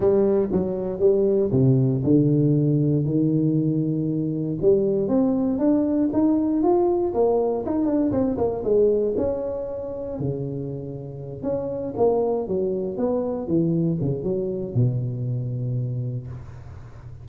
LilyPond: \new Staff \with { instrumentName = "tuba" } { \time 4/4 \tempo 4 = 118 g4 fis4 g4 c4 | d2 dis2~ | dis4 g4 c'4 d'4 | dis'4 f'4 ais4 dis'8 d'8 |
c'8 ais8 gis4 cis'2 | cis2~ cis8 cis'4 ais8~ | ais8 fis4 b4 e4 cis8 | fis4 b,2. | }